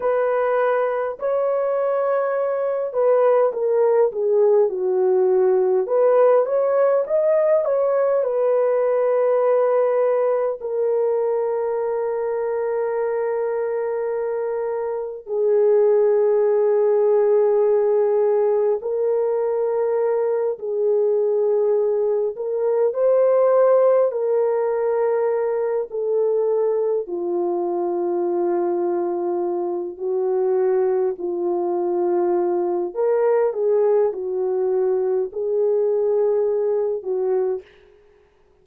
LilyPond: \new Staff \with { instrumentName = "horn" } { \time 4/4 \tempo 4 = 51 b'4 cis''4. b'8 ais'8 gis'8 | fis'4 b'8 cis''8 dis''8 cis''8 b'4~ | b'4 ais'2.~ | ais'4 gis'2. |
ais'4. gis'4. ais'8 c''8~ | c''8 ais'4. a'4 f'4~ | f'4. fis'4 f'4. | ais'8 gis'8 fis'4 gis'4. fis'8 | }